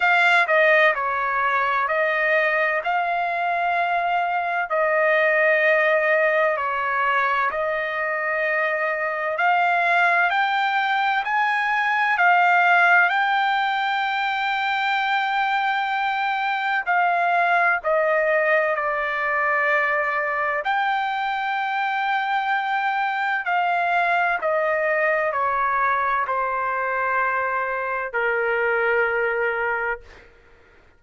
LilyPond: \new Staff \with { instrumentName = "trumpet" } { \time 4/4 \tempo 4 = 64 f''8 dis''8 cis''4 dis''4 f''4~ | f''4 dis''2 cis''4 | dis''2 f''4 g''4 | gis''4 f''4 g''2~ |
g''2 f''4 dis''4 | d''2 g''2~ | g''4 f''4 dis''4 cis''4 | c''2 ais'2 | }